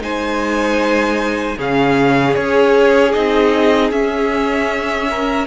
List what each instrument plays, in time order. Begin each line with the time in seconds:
0.00 cello G#3, viola D#4, violin C5 G#5
1.58 cello C#3, viola C#4, violin G#4 F5
2.35 cello C#4, viola G#4, violin C#5
3.13 cello C4, viola D#4, violin D#5
3.91 cello C#4, viola C#4, violin E5
5.11 violin A#4